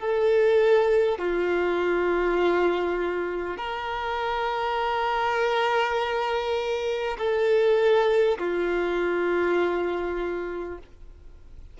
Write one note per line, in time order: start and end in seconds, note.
0.00 1.18 A4
1.18 3.57 F4
3.57 7.17 A#4
7.18 8.38 A4
8.38 10.78 F4